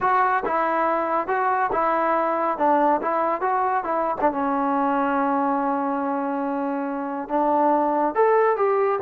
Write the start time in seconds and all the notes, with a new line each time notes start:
0.01 F#4
0.45 E4
1.27 F#4
1.72 E4
2.58 D4
3.01 E4
3.41 F#4
3.84 E4
4.20 D4
4.31 C#4
7.29 D4
8.14 A4
8.56 G4